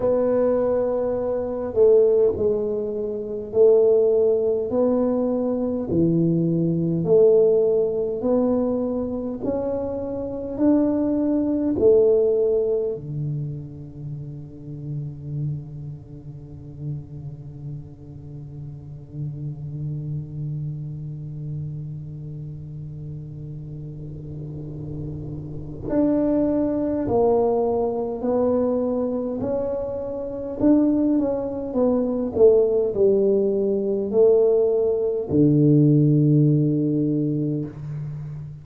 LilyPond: \new Staff \with { instrumentName = "tuba" } { \time 4/4 \tempo 4 = 51 b4. a8 gis4 a4 | b4 e4 a4 b4 | cis'4 d'4 a4 d4~ | d1~ |
d1~ | d2 d'4 ais4 | b4 cis'4 d'8 cis'8 b8 a8 | g4 a4 d2 | }